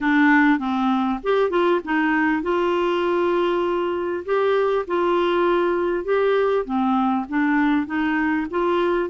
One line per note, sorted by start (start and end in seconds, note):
0.00 0.58 D4
0.58 1.19 C4
1.23 1.50 G4
1.50 1.80 F4
1.84 2.42 D#4
2.42 4.24 F4
4.25 4.85 G4
4.87 6.04 F4
6.04 6.65 G4
6.65 7.25 C4
7.28 7.86 D4
7.86 8.47 D#4
8.50 9.09 F4